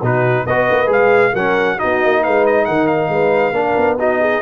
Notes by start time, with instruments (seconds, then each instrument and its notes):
0.00 tuba B2, trombone D#4, horn F#4, trumpet B4
0.46 tuba B3, trombone F#4, horn B4, trumpet D#5
0.70 tuba A#3
0.86 tuba G#3, trombone G#4, trumpet F5
1.33 tuba F#3, trombone C#4, horn A#4, trumpet F#5
1.78 tuba B3, trombone D#4, horn F#4, trumpet D#5
2.04 tuba A#3
2.22 tuba G#3, horn B4, trumpet F5
2.46 trumpet D#5
2.65 tuba D#3, horn A#4, trumpet F#5
2.87 trumpet F5
3.08 tuba G#3, horn B4
3.52 tuba A#3, trombone D4, horn A#4
3.77 tuba B3
3.99 trombone D#4, horn F#4, trumpet D#5
4.20 horn G#4